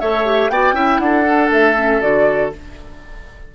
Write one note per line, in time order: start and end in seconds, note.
0.00 0.49 A3
0.00 0.25 A4
0.00 0.51 C#5
0.00 0.50 E5
0.25 0.51 G4
0.49 0.73 B3
0.49 0.74 F#4
0.49 0.75 D5
0.49 0.99 G5
0.73 0.98 C#4
0.73 1.24 E4
0.73 1.00 E5
0.99 1.50 D4
0.99 2.55 A4
0.99 1.50 F#5
1.26 1.76 D4
1.50 2.01 A3
1.50 2.02 E5
1.76 2.01 C#4
2.01 2.52 D3
2.01 2.51 F#4
2.01 2.52 D5